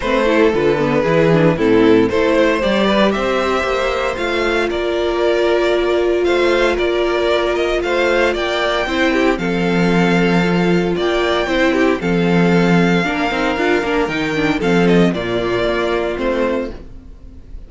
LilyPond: <<
  \new Staff \with { instrumentName = "violin" } { \time 4/4 \tempo 4 = 115 c''4 b'2 a'4 | c''4 d''4 e''2 | f''4 d''2. | f''4 d''4. dis''8 f''4 |
g''2 f''2~ | f''4 g''2 f''4~ | f''2. g''4 | f''8 dis''8 d''2 c''4 | }
  \new Staff \with { instrumentName = "violin" } { \time 4/4 b'8 a'4. gis'4 e'4 | a'8 c''4 b'8 c''2~ | c''4 ais'2. | c''4 ais'2 c''4 |
d''4 c''8 g'8 a'2~ | a'4 d''4 c''8 g'8 a'4~ | a'4 ais'2. | a'4 f'2. | }
  \new Staff \with { instrumentName = "viola" } { \time 4/4 c'8 e'8 f'8 b8 e'8 d'8 c'4 | e'4 g'2. | f'1~ | f'1~ |
f'4 e'4 c'2 | f'2 e'4 c'4~ | c'4 d'8 dis'8 f'8 d'8 dis'8 d'8 | c'4 ais2 c'4 | }
  \new Staff \with { instrumentName = "cello" } { \time 4/4 a4 d4 e4 a,4 | a4 g4 c'4 ais4 | a4 ais2. | a4 ais2 a4 |
ais4 c'4 f2~ | f4 ais4 c'4 f4~ | f4 ais8 c'8 d'8 ais8 dis4 | f4 ais,4 ais4 a4 | }
>>